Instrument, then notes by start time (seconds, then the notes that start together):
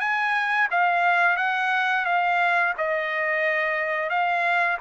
trumpet
0.00 G#5
0.71 F5
1.37 F#5
2.05 F5
2.78 D#5
4.10 F5